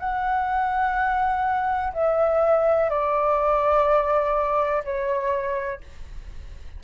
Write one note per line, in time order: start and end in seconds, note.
0.00 1.94 F#5
1.94 2.90 E5
2.90 4.84 D5
4.84 5.81 C#5